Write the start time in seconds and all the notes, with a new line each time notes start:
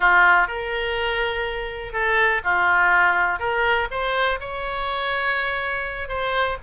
0.00 F4
0.47 A#4
1.92 A4
2.43 F4
3.39 A#4
3.90 C5
4.40 C#5
6.08 C5